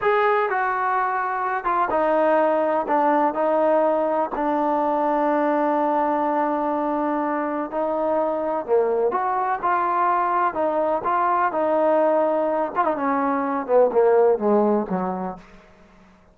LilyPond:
\new Staff \with { instrumentName = "trombone" } { \time 4/4 \tempo 4 = 125 gis'4 fis'2~ fis'8 f'8 | dis'2 d'4 dis'4~ | dis'4 d'2.~ | d'1 |
dis'2 ais4 fis'4 | f'2 dis'4 f'4 | dis'2~ dis'8 f'16 dis'16 cis'4~ | cis'8 b8 ais4 gis4 fis4 | }